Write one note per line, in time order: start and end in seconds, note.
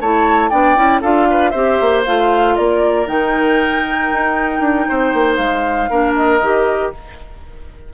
0.00 0.51 A3
0.00 0.51 E4
0.00 0.50 C#5
0.00 0.50 A5
0.50 0.76 B3
0.50 0.76 D4
0.50 1.01 D5
0.50 1.01 G5
0.76 1.02 C#4
0.76 1.01 E4
1.01 1.54 D4
1.01 1.54 F4
1.01 1.27 A4
1.01 1.50 F5
1.30 1.51 B4
1.50 1.80 C4
1.50 2.06 G4
1.50 2.53 C5
1.50 2.01 E5
1.80 2.06 A#3
2.06 2.58 A3
2.06 3.06 F4
2.06 2.56 F5
2.56 3.08 A#3
2.56 4.88 A#4
2.56 3.07 D5
3.06 4.10 D#3
3.06 5.88 D#4
3.06 5.36 G5
4.12 4.60 D#4
4.60 4.85 D4
4.89 5.14 C4
4.89 5.90 C5
5.14 5.38 A#3
5.36 5.89 G#3
5.36 6.13 F5
5.90 6.41 A#3
5.90 6.41 D4
5.90 6.92 A#4
6.16 6.93 D#5
6.41 6.93 D#3
6.41 6.93 G4